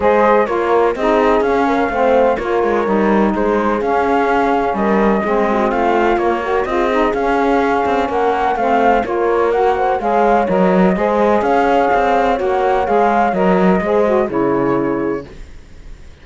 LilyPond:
<<
  \new Staff \with { instrumentName = "flute" } { \time 4/4 \tempo 4 = 126 dis''4 cis''4 dis''4 f''4~ | f''4 cis''2 c''4 | f''2 dis''2 | f''4 cis''4 dis''4 f''4~ |
f''4 fis''4 f''4 cis''4 | fis''4 f''4 dis''2 | f''2 fis''4 f''4 | dis''2 cis''2 | }
  \new Staff \with { instrumentName = "horn" } { \time 4/4 c''4 ais'4 gis'4. ais'8 | c''4 ais'2 gis'4~ | gis'2 ais'4 gis'8 fis'8 | f'4. ais'8 gis'2~ |
gis'4 ais'4 c''4 ais'4~ | ais'8 c''8 cis''2 c''4 | cis''1~ | cis''4 c''4 gis'2 | }
  \new Staff \with { instrumentName = "saxophone" } { \time 4/4 gis'4 f'4 dis'4 cis'4 | c'4 f'4 dis'2 | cis'2. c'4~ | c'4 ais8 fis'8 f'8 dis'8 cis'4~ |
cis'2 c'4 f'4 | fis'4 gis'4 ais'4 gis'4~ | gis'2 fis'4 gis'4 | ais'4 gis'8 fis'8 e'2 | }
  \new Staff \with { instrumentName = "cello" } { \time 4/4 gis4 ais4 c'4 cis'4 | a4 ais8 gis8 g4 gis4 | cis'2 g4 gis4 | a4 ais4 c'4 cis'4~ |
cis'8 c'8 ais4 a4 ais4~ | ais4 gis4 fis4 gis4 | cis'4 c'4 ais4 gis4 | fis4 gis4 cis2 | }
>>